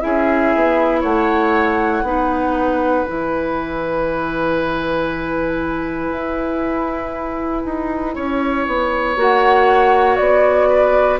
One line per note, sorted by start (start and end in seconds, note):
0.00 0.55 C#4
0.00 2.04 E4
0.00 1.00 G#4
0.00 1.02 E5
0.55 1.03 B3
1.00 2.02 A3
1.00 2.02 C#5
1.00 3.05 F#5
2.02 3.04 B3
2.02 3.06 D#4
2.02 8.15 B4
3.05 6.11 E3
3.05 9.16 E4
3.05 9.15 G#5
6.11 7.64 E4
7.65 8.15 D#4
8.15 8.67 C#4
8.15 10.68 C#5
8.67 9.16 B3
9.16 10.18 A#3
9.16 11.19 F#4
9.16 10.16 F#5
10.16 11.19 B3
10.16 11.18 D5
10.68 11.19 B4